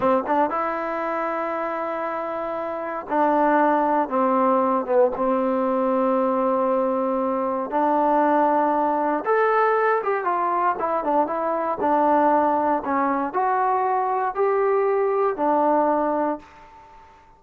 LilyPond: \new Staff \with { instrumentName = "trombone" } { \time 4/4 \tempo 4 = 117 c'8 d'8 e'2.~ | e'2 d'2 | c'4. b8 c'2~ | c'2. d'4~ |
d'2 a'4. g'8 | f'4 e'8 d'8 e'4 d'4~ | d'4 cis'4 fis'2 | g'2 d'2 | }